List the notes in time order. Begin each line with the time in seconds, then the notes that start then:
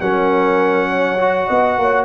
0.00 F#3 C#4 A#4 F#5
0.89 C#5
1.19 F#4
1.47 B3 D#5
1.78 A#3 C#5